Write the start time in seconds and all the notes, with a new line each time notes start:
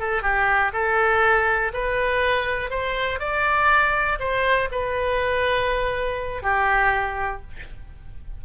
0.00 A4
0.23 G4
0.73 A4
1.74 B4
2.71 C5
3.20 D5
4.19 C5
4.72 B4
6.43 G4